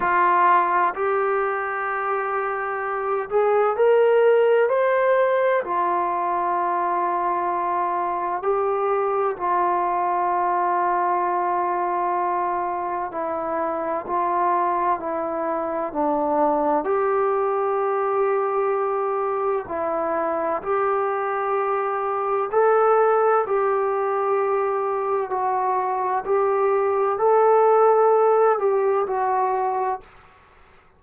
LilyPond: \new Staff \with { instrumentName = "trombone" } { \time 4/4 \tempo 4 = 64 f'4 g'2~ g'8 gis'8 | ais'4 c''4 f'2~ | f'4 g'4 f'2~ | f'2 e'4 f'4 |
e'4 d'4 g'2~ | g'4 e'4 g'2 | a'4 g'2 fis'4 | g'4 a'4. g'8 fis'4 | }